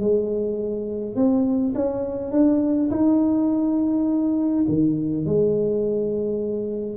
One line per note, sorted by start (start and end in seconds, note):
0.00 1.16 G#3
1.16 1.74 C4
1.75 2.32 C#4
2.32 2.90 D4
2.90 4.65 D#4
4.68 5.26 D#3
5.26 6.97 G#3